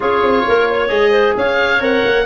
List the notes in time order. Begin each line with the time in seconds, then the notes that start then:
0.00 C#4 F4 G#4 C#5
0.22 C4
0.47 A#3 A#4
0.70 C#5
0.88 G#3 G#4 D#5
1.11 C5
1.36 C#4 C#5 F5
1.80 C4 A#4 F#5
2.03 A#3